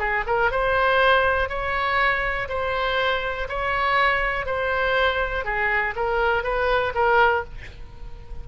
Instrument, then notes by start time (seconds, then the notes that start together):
oboe
0.00 G#4
0.27 A#4
0.52 C5
1.49 C#5
2.49 C5
3.49 C#5
4.46 C5
5.45 G#4
5.96 A#4
6.44 B4
6.95 A#4